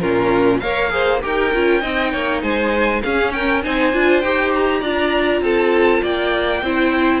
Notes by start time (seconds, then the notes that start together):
0.00 A#2 C#4 F4 A#4
0.59 A#3 A#4 C#5 F5
0.89 G#4 C5
1.22 D#4 G4 A#4 G5
1.54 C#4 F4
1.80 C4 D#4 D#5
2.11 A#3 C#5
2.42 G#3 C5 G#5
3.02 C#4 G#4 F5
3.32 A#4 G5
3.63 C4 D#4 C5 G#5
3.93 D4 F4
4.21 D#4 G4 G5
4.54 A#5
4.80 D4 F4 D5
5.41 C4 A4 A5
6.02 A#3 D5 G5
6.62 C4 E4 C5